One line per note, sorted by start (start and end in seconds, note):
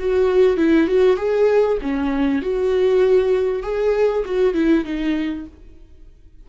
0.00 0.57 F#4
0.57 0.88 E4
0.88 1.17 F#4
1.17 1.78 G#4
1.82 2.42 C#4
2.42 3.63 F#4
3.63 4.24 G#4
4.26 4.54 F#4
4.54 4.85 E4
4.85 5.47 D#4